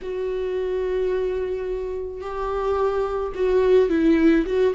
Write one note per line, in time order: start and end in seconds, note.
0.02 2.21 F#4
2.21 3.32 G4
3.34 3.89 F#4
3.89 4.44 E4
4.45 4.73 F#4